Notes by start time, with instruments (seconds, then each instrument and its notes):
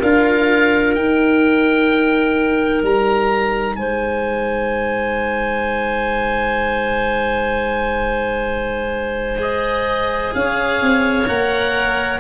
0.00 tuba D4, cello F4, clarinet A#4, oboe F5
0.94 cello D#4, tuba D#4, oboe G5
2.83 tuba G3, oboe A#5
3.76 tuba G#3, clarinet C5, oboe G#5
9.38 cello G#4, oboe D#5
10.35 tuba C#4, clarinet C#5, oboe F5
10.82 tuba C4
11.27 tuba A#3, cello A#4, oboe F#5